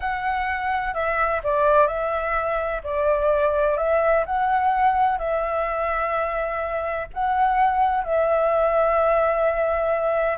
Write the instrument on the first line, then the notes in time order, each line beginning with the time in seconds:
flute
0.00 F#5
0.93 E5
1.43 D5
1.87 E5
2.83 D5
3.77 E5
4.25 F#5
5.18 E5
7.13 F#5
8.04 E5